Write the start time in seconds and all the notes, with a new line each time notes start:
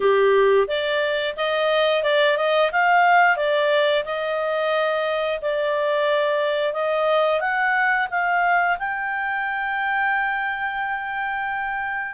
0.00 G4
0.67 D5
1.36 D#5
2.03 D5
2.37 D#5
2.72 F5
3.36 D5
4.04 D#5
5.41 D5
6.73 D#5
7.40 F#5
8.10 F5
8.78 G5